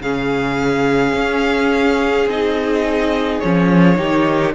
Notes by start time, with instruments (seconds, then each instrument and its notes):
0.00 cello C#3, viola C#4, violin G#4 F5
1.13 cello C#4
2.26 cello C4, viola D#4, violin D#5
3.40 cello F3, viola C#4, violin C#5
3.96 cello D#3, viola D#4, violin G4